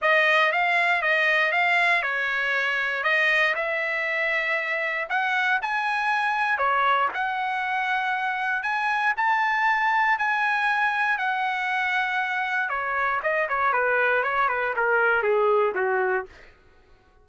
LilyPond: \new Staff \with { instrumentName = "trumpet" } { \time 4/4 \tempo 4 = 118 dis''4 f''4 dis''4 f''4 | cis''2 dis''4 e''4~ | e''2 fis''4 gis''4~ | gis''4 cis''4 fis''2~ |
fis''4 gis''4 a''2 | gis''2 fis''2~ | fis''4 cis''4 dis''8 cis''8 b'4 | cis''8 b'8 ais'4 gis'4 fis'4 | }